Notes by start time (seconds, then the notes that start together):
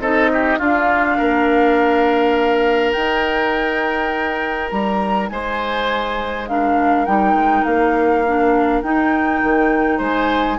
0.00 C4 D#4 A4 D#5
0.33 G4
0.59 D4 F4 F5
1.18 A#3 A#4
2.93 D#4 G5
4.70 G3 A#5
5.29 G#3 C5 G#5
6.48 D4 A#4 F5
7.06 G3 D#4 G5
7.34 G#3
7.65 A#3 F5
8.27 D4
8.83 D#4 G5
9.43 D#3
9.98 G#3 C5 G#5